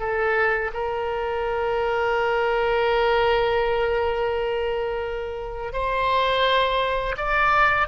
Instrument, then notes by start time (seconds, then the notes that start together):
oboe
0.00 A4
0.74 A#4
5.73 C5
7.17 D5